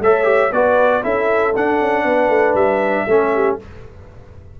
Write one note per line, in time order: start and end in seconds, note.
0.00 0.51 A3
0.00 0.24 A4
0.00 0.53 C#5
0.00 0.52 E5
0.24 0.49 G4
0.52 1.03 B3
0.52 1.02 F#4
0.52 1.03 B4
0.52 1.03 D5
1.02 1.55 C#4
1.02 1.53 E4
1.02 2.04 A4
1.02 1.54 E5
1.56 1.80 D4
1.56 3.08 D4
1.56 2.55 F#5
1.80 2.04 C#4
2.04 2.29 B3
2.04 3.06 B4
2.29 2.54 A3
2.54 3.05 G3
2.54 3.57 E5
3.07 3.58 A3
3.07 3.59 C#4
3.07 3.33 A4
3.34 3.60 G4